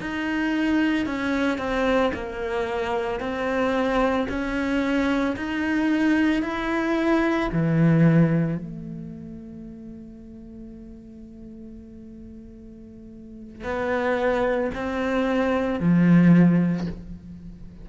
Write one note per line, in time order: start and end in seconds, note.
0.00 1.06 D#4
1.06 1.57 C#4
1.57 2.11 C4
2.13 3.19 A#3
3.19 4.27 C4
4.28 5.35 C#4
5.36 6.42 D#4
6.42 7.49 E4
7.52 8.58 E3
8.58 13.63 A3
13.63 14.70 B3
14.74 15.79 C4
15.79 16.87 F3